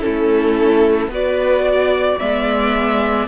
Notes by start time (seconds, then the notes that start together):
0.00 C#4 E4 A4
0.07 A3
1.07 B3 F#4 B4
1.14 D5
1.64 D5
2.19 G#3 B3 E5